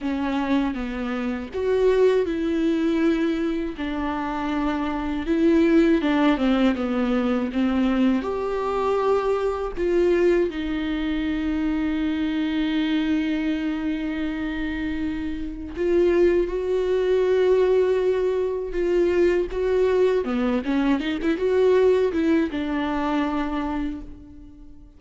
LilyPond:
\new Staff \with { instrumentName = "viola" } { \time 4/4 \tempo 4 = 80 cis'4 b4 fis'4 e'4~ | e'4 d'2 e'4 | d'8 c'8 b4 c'4 g'4~ | g'4 f'4 dis'2~ |
dis'1~ | dis'4 f'4 fis'2~ | fis'4 f'4 fis'4 b8 cis'8 | dis'16 e'16 fis'4 e'8 d'2 | }